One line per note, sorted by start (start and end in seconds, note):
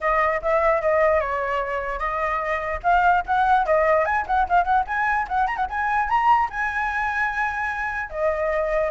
0.00 0.41 D#5
0.41 0.81 E5
0.81 1.20 D#5
1.20 1.99 C#5
1.99 2.80 D#5
2.83 3.23 F5
3.26 3.66 F#5
3.66 4.05 D#5
4.05 4.25 G#5
4.27 4.47 F#5
4.48 4.64 F5
4.64 4.84 F#5
4.86 5.27 G#5
5.28 5.47 F#5
5.47 5.56 A#5
5.56 5.66 F#5
5.69 6.08 G#5
6.08 6.49 A#5
6.50 8.10 G#5
8.10 8.90 D#5